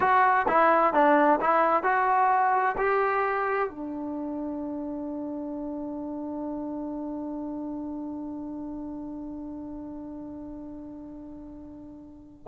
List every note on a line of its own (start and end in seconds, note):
0.00 0.46 F#4
0.48 0.93 E4
0.93 1.39 D4
1.41 1.83 E4
1.83 2.75 F#4
2.77 3.69 G4
3.69 12.46 D4